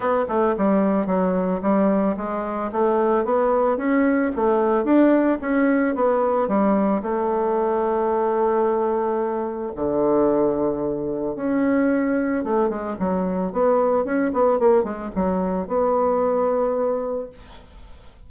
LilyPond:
\new Staff \with { instrumentName = "bassoon" } { \time 4/4 \tempo 4 = 111 b8 a8 g4 fis4 g4 | gis4 a4 b4 cis'4 | a4 d'4 cis'4 b4 | g4 a2.~ |
a2 d2~ | d4 cis'2 a8 gis8 | fis4 b4 cis'8 b8 ais8 gis8 | fis4 b2. | }